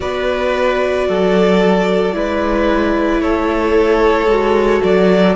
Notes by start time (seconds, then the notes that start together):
0.00 B3 F#4 B4 D5
1.08 F#3 A4
2.12 G#3 E4 B4
3.20 A3 A4 C#5
4.26 G#3 F#4
4.83 F#3 D5